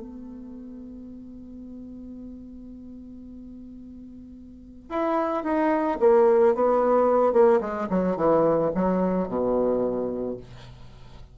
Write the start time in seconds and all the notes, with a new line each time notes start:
0.00 B3
4.89 E4
5.44 D#4
6.00 A#3
6.55 B3
7.33 A#3
7.61 G#3
7.90 F#3
8.17 E3
8.75 F#3
9.28 B2